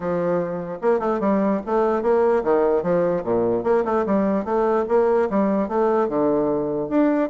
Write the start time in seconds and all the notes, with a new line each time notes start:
0.00 F3
0.81 A#3
0.99 A3
1.20 G3
1.66 A3
2.02 A#3
2.43 D#3
2.82 F3
3.24 A#2
3.63 A#3
3.84 A3
4.06 G3
4.44 A3
4.88 A#3
5.29 G3
5.68 A3
6.08 D3
6.89 D4